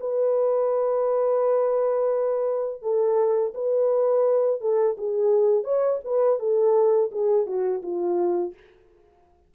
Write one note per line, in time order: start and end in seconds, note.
0.00 2.82 B4
2.82 3.54 A4
3.55 4.61 B4
4.61 4.97 A4
4.98 5.64 G#4
5.64 6.00 C#5
6.04 6.40 B4
6.40 7.11 A4
7.12 7.46 G#4
7.46 7.82 F#4
7.82 8.54 F4